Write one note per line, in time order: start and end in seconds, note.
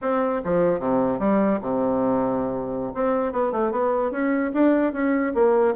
0.01 0.41 C4
0.44 0.79 F3
0.79 1.19 C3
1.19 1.59 G3
1.61 2.92 C3
2.94 3.32 C4
3.32 3.51 B3
3.51 3.71 A3
3.71 4.11 B3
4.11 4.51 C#4
4.53 4.93 D4
4.93 5.33 C#4
5.34 5.74 A#3